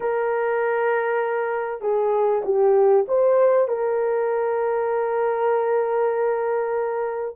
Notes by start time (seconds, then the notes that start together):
0.00 A#4
1.81 G#4
2.44 G4
3.08 C5
3.68 A#4